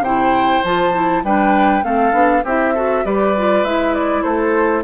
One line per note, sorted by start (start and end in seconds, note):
0.00 0.60 C3
0.00 0.65 E4
0.00 1.24 C5
0.00 0.64 G5
0.64 1.24 F3
0.64 0.94 F4
0.64 1.24 A5
0.94 1.24 E4
1.24 1.84 G3
1.24 1.83 D4
1.24 1.85 B4
1.24 1.84 G5
1.83 2.13 A3
1.83 2.13 C4
1.83 2.44 A4
1.83 2.44 F5
2.13 2.43 B3
2.13 2.43 D4
2.44 3.05 C4
2.44 2.76 E4
2.44 2.74 G4
2.44 3.05 E5
2.74 3.05 F#4
2.74 3.04 A4
3.05 3.64 G3
3.05 3.35 G4
3.05 4.24 B4
3.05 3.65 D5
3.38 3.66 F4
3.64 4.24 G#3
3.64 4.84 E4
3.64 3.95 E5
3.95 4.23 D5
4.23 4.84 A3
4.23 4.84 A4
4.23 4.83 C5